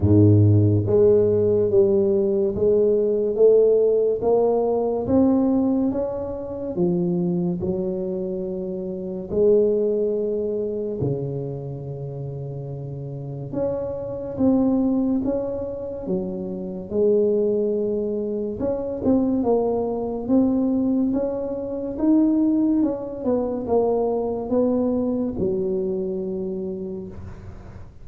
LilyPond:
\new Staff \with { instrumentName = "tuba" } { \time 4/4 \tempo 4 = 71 gis,4 gis4 g4 gis4 | a4 ais4 c'4 cis'4 | f4 fis2 gis4~ | gis4 cis2. |
cis'4 c'4 cis'4 fis4 | gis2 cis'8 c'8 ais4 | c'4 cis'4 dis'4 cis'8 b8 | ais4 b4 fis2 | }